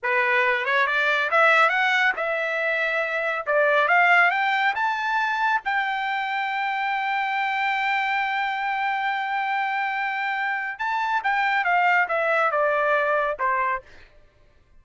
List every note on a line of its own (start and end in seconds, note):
0.02 0.65 B4
0.65 0.86 C#5
0.86 1.29 D5
1.30 1.69 E5
1.69 2.12 F#5
2.16 3.46 E5
3.46 3.88 D5
3.88 4.30 F5
4.30 4.74 G5
4.75 5.61 A5
5.64 10.79 G5
10.79 11.22 A5
11.23 11.64 G5
11.64 12.07 F5
12.08 12.51 E5
12.51 13.37 D5
13.39 13.82 C5